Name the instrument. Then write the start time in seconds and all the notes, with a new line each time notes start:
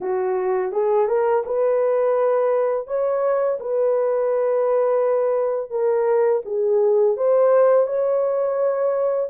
horn
0.01 F#4
0.71 G#4
1.07 A#4
1.45 B4
2.87 C#5
3.60 B4
5.70 A#4
6.45 G#4
7.17 C5
7.86 C#5